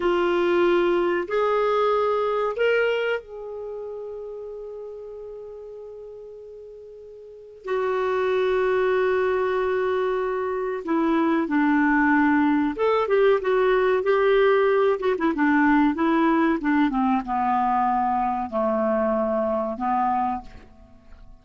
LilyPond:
\new Staff \with { instrumentName = "clarinet" } { \time 4/4 \tempo 4 = 94 f'2 gis'2 | ais'4 gis'2.~ | gis'1 | fis'1~ |
fis'4 e'4 d'2 | a'8 g'8 fis'4 g'4. fis'16 e'16 | d'4 e'4 d'8 c'8 b4~ | b4 a2 b4 | }